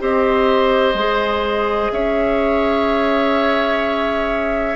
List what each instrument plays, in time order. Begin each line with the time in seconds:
0.00 bassoon C4, clarinet G4, oboe C5, flute D#5
0.94 bassoon G#3, clarinet G#4
1.92 bassoon C#4, oboe C#5, flute E5